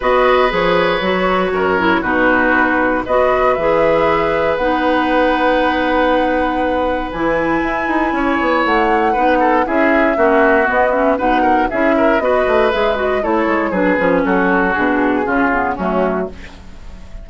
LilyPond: <<
  \new Staff \with { instrumentName = "flute" } { \time 4/4 \tempo 4 = 118 dis''4 cis''2. | b'2 dis''4 e''4~ | e''4 fis''2.~ | fis''2 gis''2~ |
gis''4 fis''2 e''4~ | e''4 dis''8 e''8 fis''4 e''4 | dis''4 e''8 dis''8 cis''4 b'4 | a'4 gis'2 fis'4 | }
  \new Staff \with { instrumentName = "oboe" } { \time 4/4 b'2. ais'4 | fis'2 b'2~ | b'1~ | b'1 |
cis''2 b'8 a'8 gis'4 | fis'2 b'8 ais'8 gis'8 ais'8 | b'2 a'4 gis'4 | fis'2 f'4 cis'4 | }
  \new Staff \with { instrumentName = "clarinet" } { \time 4/4 fis'4 gis'4 fis'4. e'8 | dis'2 fis'4 gis'4~ | gis'4 dis'2.~ | dis'2 e'2~ |
e'2 dis'4 e'4 | cis'4 b8 cis'8 dis'4 e'4 | fis'4 gis'8 fis'8 e'4 d'8 cis'8~ | cis'4 d'4 cis'8 b8 a4 | }
  \new Staff \with { instrumentName = "bassoon" } { \time 4/4 b4 f4 fis4 fis,4 | b,2 b4 e4~ | e4 b2.~ | b2 e4 e'8 dis'8 |
cis'8 b8 a4 b4 cis'4 | ais4 b4 b,4 cis'4 | b8 a8 gis4 a8 gis8 fis8 f8 | fis4 b,4 cis4 fis4 | }
>>